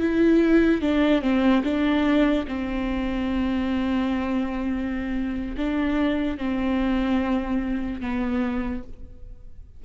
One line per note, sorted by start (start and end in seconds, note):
0.00 0.81 E4
0.81 1.22 D4
1.22 1.63 C4
1.64 2.46 D4
2.48 5.56 C4
5.57 6.37 D4
6.37 8.01 C4
8.01 8.83 B3